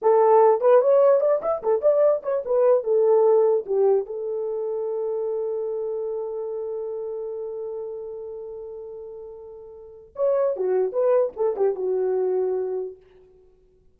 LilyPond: \new Staff \with { instrumentName = "horn" } { \time 4/4 \tempo 4 = 148 a'4. b'8 cis''4 d''8 e''8 | a'8 d''4 cis''8 b'4 a'4~ | a'4 g'4 a'2~ | a'1~ |
a'1~ | a'1~ | a'4 cis''4 fis'4 b'4 | a'8 g'8 fis'2. | }